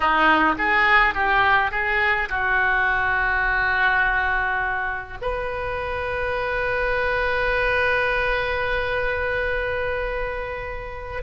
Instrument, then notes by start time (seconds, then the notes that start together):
oboe
0.00 D#4
0.58 G#4
1.14 G4
1.71 G#4
2.29 F#4
5.21 B4